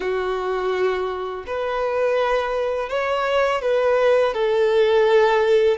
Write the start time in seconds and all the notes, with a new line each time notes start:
0.00 F#4
1.46 B4
2.89 C#5
3.61 B4
4.33 A4